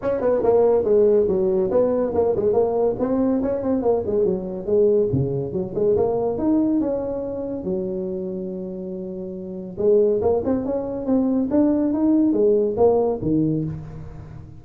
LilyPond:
\new Staff \with { instrumentName = "tuba" } { \time 4/4 \tempo 4 = 141 cis'8 b8 ais4 gis4 fis4 | b4 ais8 gis8 ais4 c'4 | cis'8 c'8 ais8 gis8 fis4 gis4 | cis4 fis8 gis8 ais4 dis'4 |
cis'2 fis2~ | fis2. gis4 | ais8 c'8 cis'4 c'4 d'4 | dis'4 gis4 ais4 dis4 | }